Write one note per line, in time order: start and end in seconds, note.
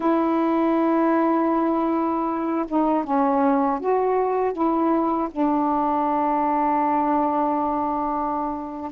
0.00 2.65 E4
2.68 3.04 D#4
3.04 3.80 C#4
3.80 4.52 F#4
4.52 5.28 E4
5.30 8.91 D4